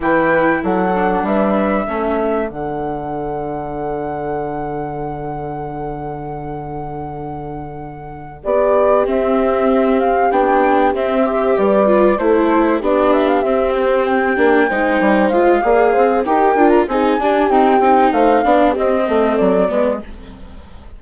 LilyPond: <<
  \new Staff \with { instrumentName = "flute" } { \time 4/4 \tempo 4 = 96 g''4 fis''4 e''2 | fis''1~ | fis''1~ | fis''4. d''4 e''4. |
f''8 g''4 e''4 d''4 c''8~ | c''8 d''8 e''16 f''16 e''8 c''8 g''4.~ | g''8 f''4. g''8. ais''16 gis''4 | g''4 f''4 dis''4 d''4 | }
  \new Staff \with { instrumentName = "horn" } { \time 4/4 b'4 a'4 b'4 a'4~ | a'1~ | a'1~ | a'4. g'2~ g'8~ |
g'2 c''8 b'4 a'8~ | a'8 g'2. c''8~ | c''4 d''8 c''8 ais'4 gis'8 g'8~ | g'4 c''8 d''8 g'8 a'4 b'8 | }
  \new Staff \with { instrumentName = "viola" } { \time 4/4 e'4. d'4. cis'4 | d'1~ | d'1~ | d'2~ d'8 c'4.~ |
c'8 d'4 c'8 g'4 f'8 e'8~ | e'8 d'4 c'4. d'8 dis'8~ | dis'8 f'8 gis'4 g'8 f'8 dis'8 d'8 | c'8 dis'4 d'8 c'4. b8 | }
  \new Staff \with { instrumentName = "bassoon" } { \time 4/4 e4 fis4 g4 a4 | d1~ | d1~ | d4. b4 c'4.~ |
c'8 b4 c'4 g4 a8~ | a8 b4 c'4. ais8 gis8 | g8 gis8 ais8 c'8 dis'8 d'8 c'8 d'8 | dis'8 c'8 a8 b8 c'8 a8 fis8 gis8 | }
>>